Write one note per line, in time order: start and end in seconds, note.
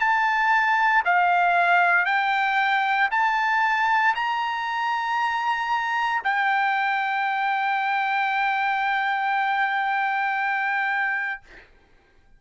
0.00 1.03 A5
1.05 2.06 F5
2.06 3.09 G5
3.12 4.15 A5
4.16 6.23 A#5
6.24 11.42 G5